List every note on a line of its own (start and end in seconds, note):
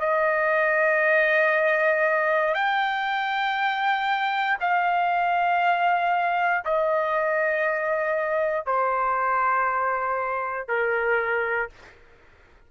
0.00 2.54 D#5
2.54 4.58 G5
4.60 6.64 F5
6.65 8.66 D#5
8.66 10.68 C5
10.68 11.69 A#4